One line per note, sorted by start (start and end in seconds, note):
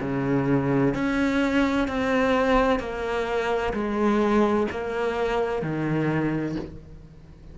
0.00 0.94 C#3
0.94 1.87 C#4
1.87 2.79 C4
2.79 3.73 A#3
3.73 4.67 G#3
4.70 5.62 A#3
5.62 6.55 D#3